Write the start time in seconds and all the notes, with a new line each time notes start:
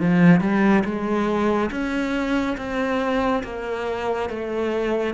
0.00 F3
0.40 G3
0.84 G#3
1.71 C#4
2.57 C4
3.43 A#3
4.29 A3